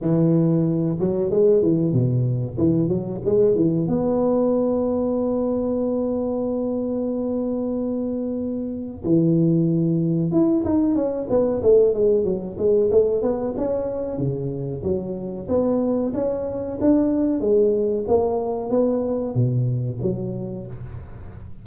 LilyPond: \new Staff \with { instrumentName = "tuba" } { \time 4/4 \tempo 4 = 93 e4. fis8 gis8 e8 b,4 | e8 fis8 gis8 e8 b2~ | b1~ | b2 e2 |
e'8 dis'8 cis'8 b8 a8 gis8 fis8 gis8 | a8 b8 cis'4 cis4 fis4 | b4 cis'4 d'4 gis4 | ais4 b4 b,4 fis4 | }